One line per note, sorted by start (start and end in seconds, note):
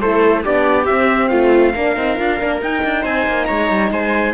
0.00 0.45 A3
0.00 0.44 E4
0.00 0.43 A4
0.00 0.44 C5
0.43 0.89 B3
0.43 0.88 D4
0.43 1.29 G4
0.43 0.85 D5
0.85 1.75 C4
0.85 1.31 C4
0.85 1.28 E5
1.28 1.74 A3
1.28 1.73 F4
1.28 2.58 F5
1.74 1.96 A#3
1.74 1.95 D4
1.74 3.02 A#4
1.95 2.18 C4
1.95 2.16 D#4
2.16 2.40 D4
2.16 2.37 F4
2.40 2.61 A#3
2.40 2.61 D4
2.61 2.83 D#4
2.61 4.34 D#4
2.61 3.04 G5
2.83 3.04 D4
3.02 3.26 C4
3.02 3.45 C5
3.02 3.45 G#5
3.27 3.48 A#3
3.45 3.71 G#3
3.45 3.91 C#5
3.45 3.89 A#5
3.71 3.90 G3
3.90 4.34 G#3
3.90 4.34 C5
3.90 4.34 G#5